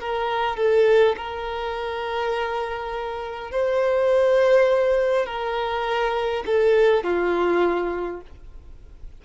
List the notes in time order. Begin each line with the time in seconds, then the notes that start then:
0.00 A#4
0.57 A4
1.17 A#4
3.51 C5
5.26 A#4
6.46 A4
7.04 F4